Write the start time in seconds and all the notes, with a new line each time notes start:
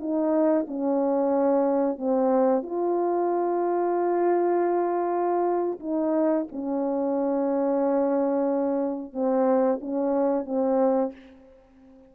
0.00 D#4
0.68 C#4
1.98 C4
2.63 F4
5.80 D#4
6.52 C#4
9.13 C4
9.81 C#4
10.46 C4